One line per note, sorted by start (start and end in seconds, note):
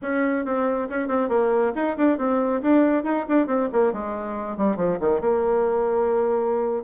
0.01 0.45 C#4
0.45 0.88 C4
0.89 1.08 C#4
1.08 1.28 C4
1.28 1.72 A#3
1.75 1.96 D#4
1.97 2.18 D4
2.18 2.61 C4
2.62 3.03 D4
3.03 3.25 D#4
3.28 3.47 D4
3.47 3.68 C4
3.72 3.92 A#3
3.92 4.57 G#3
4.57 4.76 G3
4.76 4.98 F3
5.00 5.21 D#3
5.21 6.84 A#3